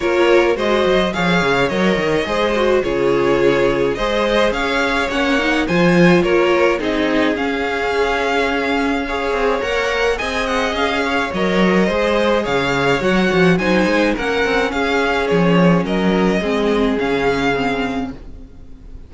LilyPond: <<
  \new Staff \with { instrumentName = "violin" } { \time 4/4 \tempo 4 = 106 cis''4 dis''4 f''4 dis''4~ | dis''4 cis''2 dis''4 | f''4 fis''4 gis''4 cis''4 | dis''4 f''2.~ |
f''4 fis''4 gis''8 fis''8 f''4 | dis''2 f''4 fis''4 | gis''4 fis''4 f''4 cis''4 | dis''2 f''2 | }
  \new Staff \with { instrumentName = "violin" } { \time 4/4 ais'4 c''4 cis''2 | c''4 gis'2 c''4 | cis''2 c''4 ais'4 | gis'1 |
cis''2 dis''4. cis''8~ | cis''4 c''4 cis''2 | c''4 ais'4 gis'2 | ais'4 gis'2. | }
  \new Staff \with { instrumentName = "viola" } { \time 4/4 f'4 fis'4 gis'4 ais'4 | gis'8 fis'8 f'2 gis'4~ | gis'4 cis'8 dis'8 f'2 | dis'4 cis'2. |
gis'4 ais'4 gis'2 | ais'4 gis'2 fis'4 | dis'4 cis'2.~ | cis'4 c'4 cis'4 c'4 | }
  \new Staff \with { instrumentName = "cello" } { \time 4/4 ais4 gis8 fis8 f8 cis8 fis8 dis8 | gis4 cis2 gis4 | cis'4 ais4 f4 ais4 | c'4 cis'2.~ |
cis'8 c'8 ais4 c'4 cis'4 | fis4 gis4 cis4 fis8 f8 | fis8 gis8 ais8 c'8 cis'4 f4 | fis4 gis4 cis2 | }
>>